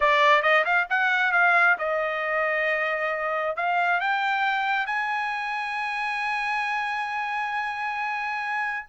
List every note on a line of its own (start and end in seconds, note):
0.00 0.42 D5
0.42 0.64 D#5
0.64 0.87 F5
0.89 1.32 F#5
1.32 1.76 F5
1.78 3.56 D#5
3.56 4.00 F5
4.00 4.86 G5
4.86 8.86 G#5